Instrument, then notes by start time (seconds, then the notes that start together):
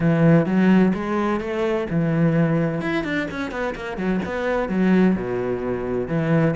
cello
0.00 E3
0.46 F#3
0.94 G#3
1.40 A3
1.90 E3
2.81 E4
3.03 D4
3.30 C#4
3.51 B3
3.75 A#3
3.97 F#3
4.25 B3
4.69 F#3
5.15 B2
6.07 E3